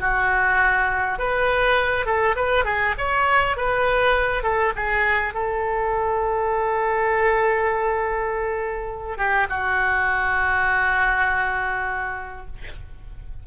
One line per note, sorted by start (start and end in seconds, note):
0.00 1.19 F#4
1.19 2.06 B4
2.06 2.35 A4
2.36 2.65 B4
2.65 2.94 G#4
2.98 3.57 C#5
3.57 4.43 B4
4.43 4.73 A4
4.76 5.34 G#4
5.34 9.18 A4
9.18 9.47 G4
9.49 12.46 F#4